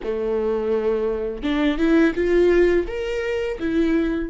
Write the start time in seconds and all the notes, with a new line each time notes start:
0.03 A3
1.42 D4
1.78 E4
2.15 F4
2.87 A#4
3.59 E4